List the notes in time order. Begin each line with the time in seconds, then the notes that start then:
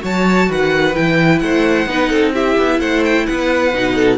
0.00 F#3 F#4 C#5 A5
0.49 D#3 B4 F#5
0.95 E3 E4 G5
1.39 A3 C5 F#5
1.86 B3 D#4 B4
2.10 C4 A4
2.33 E4 G4 E5
2.57 B3
2.79 A3 C5 F#5
3.04 G5
3.26 B3 B4 F#5
3.72 B2 D#4
3.95 A4